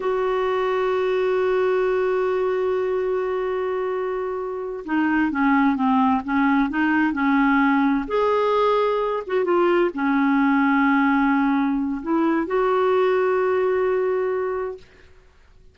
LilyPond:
\new Staff \with { instrumentName = "clarinet" } { \time 4/4 \tempo 4 = 130 fis'1~ | fis'1~ | fis'2~ fis'8 dis'4 cis'8~ | cis'8 c'4 cis'4 dis'4 cis'8~ |
cis'4. gis'2~ gis'8 | fis'8 f'4 cis'2~ cis'8~ | cis'2 e'4 fis'4~ | fis'1 | }